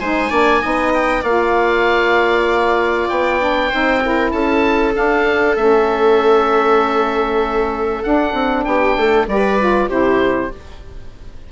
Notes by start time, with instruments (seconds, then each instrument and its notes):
0.00 bassoon G#3, saxophone D#4, viola C5, oboe G#5
0.30 bassoon A#3, saxophone D4, viola D5
0.61 bassoon B3, saxophone D#4, viola D#5
0.93 oboe G5
1.22 bassoon A#3, saxophone F4, viola D5, oboe F5
3.09 bassoon B3, oboe G5
3.40 saxophone D4
3.70 bassoon C4, saxophone D#4, viola C5
4.03 saxophone E4, viola A#4
4.31 bassoon C#4, viola A4, oboe A5
4.93 saxophone D4, bassoon D4, oboe F5
5.56 bassoon A3, saxophone C#4, oboe E5
8.03 saxophone D4, bassoon D4, oboe F#5
8.33 bassoon C4
8.64 bassoon B3, viola G4, oboe G5
8.97 bassoon A3, viola A4
9.27 bassoon G3, saxophone G4, viola B4, oboe D5
9.60 saxophone F4
9.88 bassoon C3, saxophone E4, viola G4, oboe C5